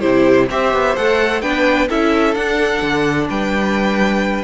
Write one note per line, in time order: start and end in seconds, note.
0.00 0.50 C3
0.00 0.48 E4
0.00 0.47 G4
0.00 0.47 C5
0.50 0.73 C4
0.50 0.97 G4
0.50 1.42 C5
0.50 0.96 E5
0.73 0.96 B3
0.96 1.42 A3
0.96 1.42 A4
0.96 1.41 F#5
1.41 1.89 B3
1.41 1.88 D4
1.41 1.88 B4
1.41 1.88 G5
1.89 2.35 C#4
1.89 2.36 E4
1.89 3.28 A4
1.89 2.34 E5
2.34 2.82 D4
2.34 4.44 D4
2.34 3.27 F#5
2.82 3.28 D3
3.29 4.44 G3
3.29 4.44 B4
3.29 4.44 G5